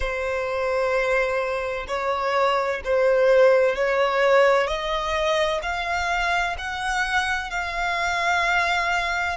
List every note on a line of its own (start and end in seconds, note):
0.00 1.86 C5
1.87 2.81 C#5
2.84 3.75 C5
3.75 4.67 C#5
4.67 5.60 D#5
5.62 6.56 F5
6.58 7.50 F#5
7.50 9.37 F5